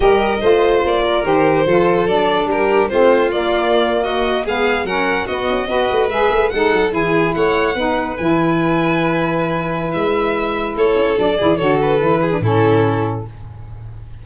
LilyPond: <<
  \new Staff \with { instrumentName = "violin" } { \time 4/4 \tempo 4 = 145 dis''2 d''4 c''4~ | c''4 d''4 ais'4 c''4 | d''4.~ d''16 dis''4 f''4 fis''16~ | fis''8. dis''2 e''4 fis''16~ |
fis''8. gis''4 fis''2 gis''16~ | gis''1 | e''2 cis''4 d''4 | cis''8 b'4. a'2 | }
  \new Staff \with { instrumentName = "violin" } { \time 4/4 ais'4 c''4. ais'4. | a'2 g'4 f'4~ | f'4.~ f'16 fis'4 gis'4 ais'16~ | ais'8. fis'4 b'2 a'16~ |
a'8. gis'4 cis''4 b'4~ b'16~ | b'1~ | b'2 a'4. gis'8 | a'4. gis'8 e'2 | }
  \new Staff \with { instrumentName = "saxophone" } { \time 4/4 g'4 f'2 g'4 | f'4 d'2 c'4 | ais2~ ais8. b4 cis'16~ | cis'8. b4 fis'4 gis'4 dis'16~ |
dis'8. e'2 dis'4 e'16~ | e'1~ | e'2. d'8 e'8 | fis'4 e'8. d'16 cis'2 | }
  \new Staff \with { instrumentName = "tuba" } { \time 4/4 g4 a4 ais4 dis4 | f4 fis4 g4 a4 | ais2~ ais8. gis4 fis16~ | fis8. b8 cis'8 b8 a8 gis8 a8 gis16~ |
gis16 fis8 e4 a4 b4 e16~ | e1 | gis2 a8 cis'8 fis8 e8 | d4 e4 a,2 | }
>>